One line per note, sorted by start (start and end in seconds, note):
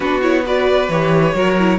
0.00 0.89 B3
0.00 0.22 D4
0.00 0.42 F#4
0.00 0.20 B4
0.22 0.44 E4
0.22 0.44 C#5
0.45 0.89 F#4
0.45 1.34 B4
0.45 0.89 D5
0.89 1.33 E3
0.89 1.34 G4
0.89 1.78 C#5
1.34 1.78 F#3
1.34 1.56 F#4
1.34 1.78 A#4
1.58 1.78 E4